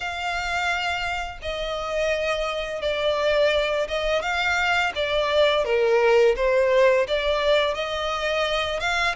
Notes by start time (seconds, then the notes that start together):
0.00 F5
1.42 D#5
2.81 D5
3.88 D#5
4.22 F5
4.95 D5
5.64 A#4
6.36 C5
7.07 D5
7.74 D#5
8.80 F5